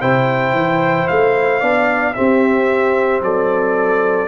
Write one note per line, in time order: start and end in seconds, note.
0.00 0.52 C3
0.00 1.61 E4
0.00 1.59 C5
0.00 1.08 G5
0.52 1.06 E3
1.08 1.61 A3
1.08 2.14 F5
1.59 2.15 B3
1.59 2.14 D4
1.59 2.13 D5
2.14 4.28 C4
2.14 3.21 C4
2.14 3.23 G4
2.14 3.21 E5
3.21 4.28 F#3
3.21 4.28 A4
3.21 4.28 D5